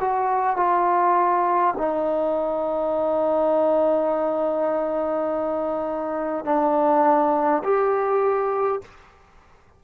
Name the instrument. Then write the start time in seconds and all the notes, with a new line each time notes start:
trombone
0.00 F#4
0.57 F4
1.78 D#4
6.45 D4
7.64 G4